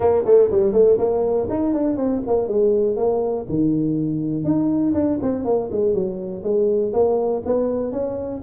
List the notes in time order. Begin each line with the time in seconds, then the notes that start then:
0.00 A#3
0.25 A3
0.51 G3
0.73 A3
0.97 A#3
1.49 D#4
1.73 D4
1.96 C4
2.26 A#3
2.47 G#3
2.96 A#3
3.48 D#3
4.44 D#4
4.94 D4
5.22 C4
5.44 A#3
5.71 G#3
5.93 F#3
6.43 G#3
6.93 A#3
7.45 B3
7.92 C#4